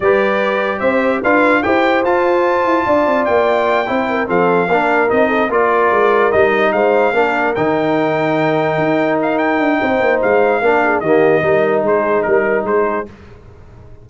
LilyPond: <<
  \new Staff \with { instrumentName = "trumpet" } { \time 4/4 \tempo 4 = 147 d''2 e''4 f''4 | g''4 a''2. | g''2~ g''8 f''4.~ | f''8 dis''4 d''2 dis''8~ |
dis''8 f''2 g''4.~ | g''2~ g''8 f''8 g''4~ | g''4 f''2 dis''4~ | dis''4 c''4 ais'4 c''4 | }
  \new Staff \with { instrumentName = "horn" } { \time 4/4 b'2 c''4 b'4 | c''2. d''4~ | d''4. c''8 ais'8 a'4 ais'8~ | ais'4 a'8 ais'2~ ais'8~ |
ais'8 c''4 ais'2~ ais'8~ | ais'1 | c''2 ais'8 gis'8 g'4 | ais'4 gis'4 ais'4 gis'4 | }
  \new Staff \with { instrumentName = "trombone" } { \time 4/4 g'2. f'4 | g'4 f'2.~ | f'4. e'4 c'4 d'8~ | d'8 dis'4 f'2 dis'8~ |
dis'4. d'4 dis'4.~ | dis'1~ | dis'2 d'4 ais4 | dis'1 | }
  \new Staff \with { instrumentName = "tuba" } { \time 4/4 g2 c'4 d'4 | e'4 f'4. e'8 d'8 c'8 | ais4. c'4 f4 ais8~ | ais8 c'4 ais4 gis4 g8~ |
g8 gis4 ais4 dis4.~ | dis4. dis'2 d'8 | c'8 ais8 gis4 ais4 dis4 | g4 gis4 g4 gis4 | }
>>